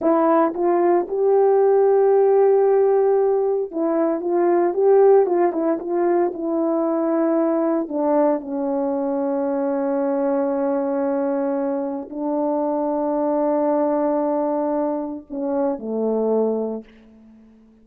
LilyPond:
\new Staff \with { instrumentName = "horn" } { \time 4/4 \tempo 4 = 114 e'4 f'4 g'2~ | g'2. e'4 | f'4 g'4 f'8 e'8 f'4 | e'2. d'4 |
cis'1~ | cis'2. d'4~ | d'1~ | d'4 cis'4 a2 | }